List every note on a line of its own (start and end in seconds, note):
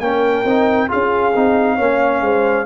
0.00 0.44 A#3
0.00 0.45 C#4
0.00 0.89 A#4
0.00 0.88 G5
0.44 0.89 C4
0.44 0.88 D#4
0.88 1.35 C#4
0.88 1.32 F4
0.88 1.75 G#4
0.88 2.65 F5
1.35 1.79 C4
1.35 1.78 D#4
1.75 2.21 A#3
1.75 2.65 C#4
1.75 2.19 C#5
2.21 2.65 G#3
2.21 2.65 C5